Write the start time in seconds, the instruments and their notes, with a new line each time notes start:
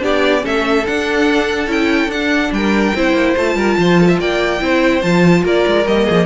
0.00 cello B3, viola D4, violin G4 D5
0.41 cello A3, viola C#4, violin A4 E5
0.86 viola D4, cello D4, violin F#5
1.68 cello C#4, viola E4, violin G5
2.08 cello D4, viola D4, violin F#5
2.52 cello G3, violin A#4 G5
2.95 cello C4, viola E4, violin C5
3.14 cello A#3
3.37 cello A3, viola F4, violin A5
3.56 cello G3, violin A#4
3.78 cello F3, violin C5
4.01 violin A4
4.08 violin E5
4.19 cello A#3, violin D5 G5
4.60 cello C4, viola E4, violin C5
5.02 cello F3, viola F4, violin A5
5.44 cello A#3, violin A#4 D5
5.67 cello G#3
5.87 cello G3, viola A#3, violin D#5
6.05 cello F3, violin G#4